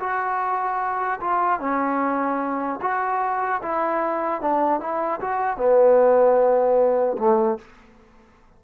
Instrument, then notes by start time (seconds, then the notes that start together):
trombone
0.00 F#4
1.21 F4
1.60 C#4
2.82 F#4
3.62 E4
4.42 D4
4.81 E4
5.21 F#4
5.57 B3
7.19 A3